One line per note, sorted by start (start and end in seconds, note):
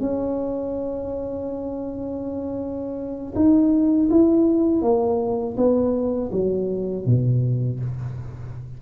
0.00 3.33 C#4
3.35 4.09 D#4
4.10 4.81 E4
4.81 5.56 A#3
5.57 6.31 B3
6.31 7.05 F#3
7.05 7.79 B2